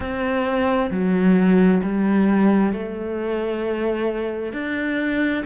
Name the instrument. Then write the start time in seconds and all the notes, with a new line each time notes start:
cello
0.00 C4
0.90 F#3
1.83 G3
2.73 A3
4.52 D4